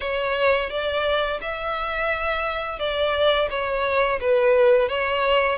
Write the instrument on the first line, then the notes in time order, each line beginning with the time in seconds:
violin
0.00 C#5
0.70 D5
1.41 E5
2.79 D5
3.49 C#5
4.20 B4
4.88 C#5